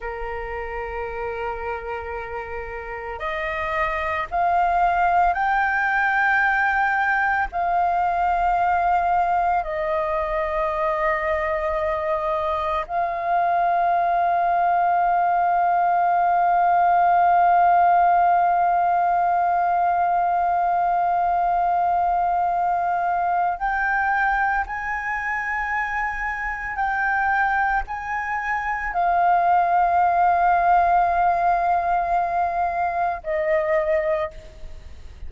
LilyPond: \new Staff \with { instrumentName = "flute" } { \time 4/4 \tempo 4 = 56 ais'2. dis''4 | f''4 g''2 f''4~ | f''4 dis''2. | f''1~ |
f''1~ | f''2 g''4 gis''4~ | gis''4 g''4 gis''4 f''4~ | f''2. dis''4 | }